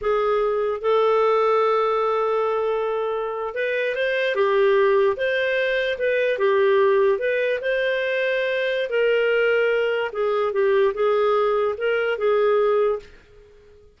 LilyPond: \new Staff \with { instrumentName = "clarinet" } { \time 4/4 \tempo 4 = 148 gis'2 a'2~ | a'1~ | a'8. b'4 c''4 g'4~ g'16~ | g'8. c''2 b'4 g'16~ |
g'4.~ g'16 b'4 c''4~ c''16~ | c''2 ais'2~ | ais'4 gis'4 g'4 gis'4~ | gis'4 ais'4 gis'2 | }